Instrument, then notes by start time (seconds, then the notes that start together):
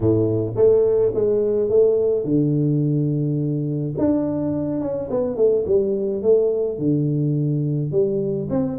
tuba
0.00 A2
0.56 A3
1.14 G#3
1.69 A3
2.24 D3
3.98 D4
4.80 C#4
5.10 B3
5.36 A3
5.66 G3
6.22 A3
6.78 D3
7.91 G3
8.50 C4